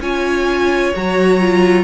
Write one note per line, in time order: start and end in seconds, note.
0.00 0.92 C#4
0.00 0.94 F4
0.00 1.84 C#5
0.00 0.94 G#5
0.95 1.84 F#3
0.95 1.40 F#4
0.95 1.84 A#5
1.40 1.84 F4